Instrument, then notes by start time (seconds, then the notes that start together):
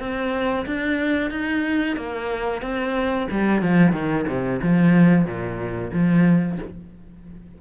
cello
0.00 C4
0.67 D4
1.31 D#4
1.97 A#3
2.62 C4
3.31 G3
3.62 F3
3.93 D#3
4.28 C3
4.63 F3
5.26 A#2
5.93 F3